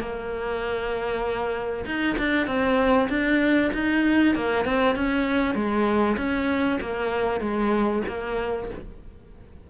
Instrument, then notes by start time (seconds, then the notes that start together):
cello
0.00 A#3
1.86 D#4
2.18 D4
2.47 C4
3.10 D4
3.74 D#4
4.36 A#3
4.65 C4
4.96 C#4
5.55 G#3
6.17 C#4
6.81 A#3
7.41 G#3
8.08 A#3